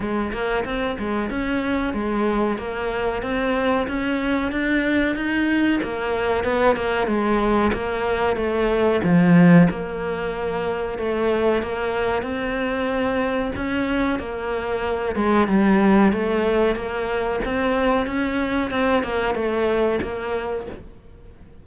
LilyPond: \new Staff \with { instrumentName = "cello" } { \time 4/4 \tempo 4 = 93 gis8 ais8 c'8 gis8 cis'4 gis4 | ais4 c'4 cis'4 d'4 | dis'4 ais4 b8 ais8 gis4 | ais4 a4 f4 ais4~ |
ais4 a4 ais4 c'4~ | c'4 cis'4 ais4. gis8 | g4 a4 ais4 c'4 | cis'4 c'8 ais8 a4 ais4 | }